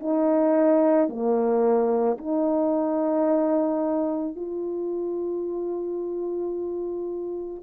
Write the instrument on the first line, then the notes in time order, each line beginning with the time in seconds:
horn
0.00 D#4
1.09 A#3
2.19 D#4
4.37 F4